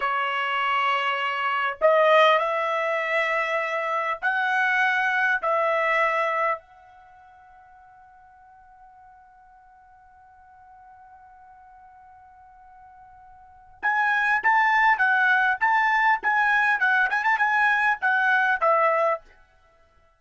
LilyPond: \new Staff \with { instrumentName = "trumpet" } { \time 4/4 \tempo 4 = 100 cis''2. dis''4 | e''2. fis''4~ | fis''4 e''2 fis''4~ | fis''1~ |
fis''1~ | fis''2. gis''4 | a''4 fis''4 a''4 gis''4 | fis''8 gis''16 a''16 gis''4 fis''4 e''4 | }